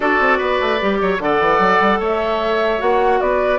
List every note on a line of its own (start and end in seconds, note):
0.00 0.19 D4
0.00 0.78 F#4
0.00 0.38 A4
0.00 1.19 D5
0.19 0.39 C4
0.38 0.60 B3
0.38 0.98 B4
0.60 0.80 A3
0.80 1.01 G3
0.80 1.19 G4
1.01 1.19 F#3
1.01 1.21 C#5
1.19 1.39 D3
1.19 2.78 A4
1.19 1.99 D5
1.19 2.00 F#5
1.40 1.59 E3
1.59 1.79 F#3
1.79 1.99 G3
1.99 2.80 A3
1.99 3.19 C#5
1.99 2.81 E5
2.78 3.20 A#3
2.78 3.58 F#4
2.78 3.21 F#5
3.20 3.58 B3
3.20 3.58 B4
3.20 3.58 D5